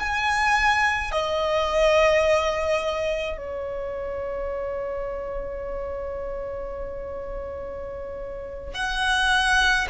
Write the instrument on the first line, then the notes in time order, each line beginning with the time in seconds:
violin
0.00 G#5
1.12 D#5
3.38 C#5
8.74 F#5